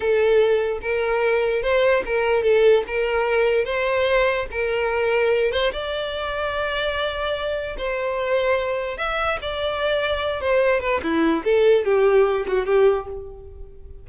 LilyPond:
\new Staff \with { instrumentName = "violin" } { \time 4/4 \tempo 4 = 147 a'2 ais'2 | c''4 ais'4 a'4 ais'4~ | ais'4 c''2 ais'4~ | ais'4. c''8 d''2~ |
d''2. c''4~ | c''2 e''4 d''4~ | d''4. c''4 b'8 e'4 | a'4 g'4. fis'8 g'4 | }